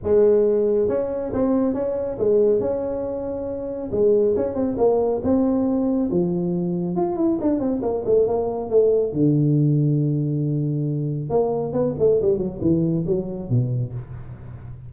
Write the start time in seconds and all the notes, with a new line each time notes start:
0.03 G#3
0.88 C#4
1.33 C4
1.74 C#4
2.18 G#3
2.60 C#4
3.91 G#3
4.36 C#4
4.54 C4
4.77 A#3
5.23 C4
6.11 F3
6.95 F4
7.16 E4
7.41 D4
7.59 C4
7.82 A#3
8.05 A3
8.27 A#3
8.70 A3
9.13 D3
11.29 A#3
11.72 B3
11.99 A3
12.21 G3
12.38 F#3
12.61 E3
13.06 F#3
13.49 B2